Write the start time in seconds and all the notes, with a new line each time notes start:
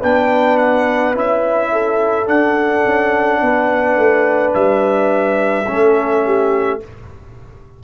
0.00 B3 D4 B4 G5
0.57 F#5
1.14 C#4 E4 E5
1.72 A4
2.26 D4 F#5
2.85 C#4
3.41 B3 B4
3.96 A3
4.54 G3 E5
5.67 A3 C#4 A4
6.25 G4